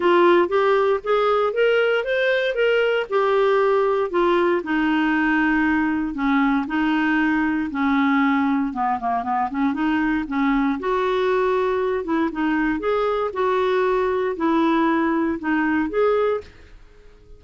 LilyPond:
\new Staff \with { instrumentName = "clarinet" } { \time 4/4 \tempo 4 = 117 f'4 g'4 gis'4 ais'4 | c''4 ais'4 g'2 | f'4 dis'2. | cis'4 dis'2 cis'4~ |
cis'4 b8 ais8 b8 cis'8 dis'4 | cis'4 fis'2~ fis'8 e'8 | dis'4 gis'4 fis'2 | e'2 dis'4 gis'4 | }